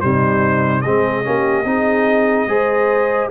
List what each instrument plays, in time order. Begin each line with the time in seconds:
0.00 tuba C3, trombone G3, horn D#4, trumpet C5
0.81 tuba G#3, trombone C4, horn G#4, trumpet D#5
1.23 tuba A#3, trombone C#4, horn G4
1.64 tuba C4, trombone D#4, horn G#4
2.46 tuba G#3, trombone G#4, horn C5